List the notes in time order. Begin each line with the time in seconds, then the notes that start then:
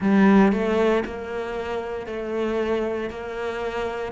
0.00 G3
0.52 A3
1.05 A#3
2.06 A3
3.09 A#3